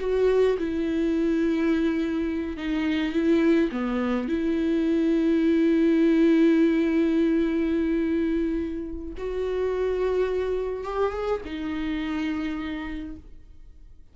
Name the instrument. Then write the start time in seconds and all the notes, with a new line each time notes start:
viola
0.00 F#4
0.58 E4
2.57 D#4
3.13 E4
3.72 B3
4.29 E4
9.18 F#4
10.84 G4
11.13 G#4
11.45 D#4